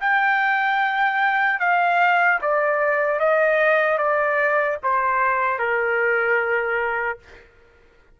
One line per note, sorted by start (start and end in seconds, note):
0.00 1.59 G5
1.59 2.39 F5
2.41 3.19 D5
3.19 3.97 D#5
3.97 4.77 D5
4.83 5.59 C5
5.59 7.19 A#4